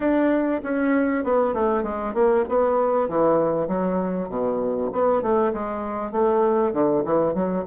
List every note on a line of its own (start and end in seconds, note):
0.00 0.61 D4
0.63 1.24 C#4
1.24 1.54 B3
1.54 1.83 A3
1.83 2.13 G#3
2.14 2.44 A#3
2.49 3.08 B3
3.08 3.67 E3
3.67 4.29 F#3
4.29 4.90 B2
4.92 5.22 B3
5.22 5.52 A3
5.53 6.11 G#3
6.11 6.72 A3
6.72 7.03 D3
7.05 7.34 E3
7.34 7.64 F#3